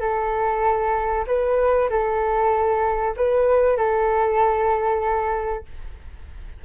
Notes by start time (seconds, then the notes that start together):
0.00 A4
1.27 B4
1.89 A4
3.16 B4
3.77 A4